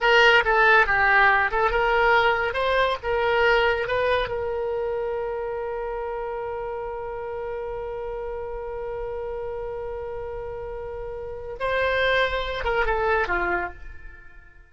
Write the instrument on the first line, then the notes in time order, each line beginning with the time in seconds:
oboe
0.00 A#4
0.44 A4
0.86 G4
1.51 A4
1.70 A#4
2.53 C5
3.02 A#4
3.87 B4
4.28 A#4
11.59 C5
12.64 A#4
12.85 A4
13.27 F4